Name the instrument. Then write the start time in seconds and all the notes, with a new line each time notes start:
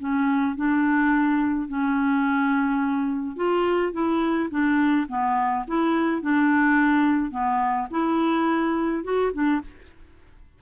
clarinet
0.00 C#4
0.56 D4
1.68 C#4
3.36 F4
3.93 E4
4.51 D4
5.09 B3
5.67 E4
6.22 D4
7.31 B3
7.90 E4
9.04 F#4
9.33 D4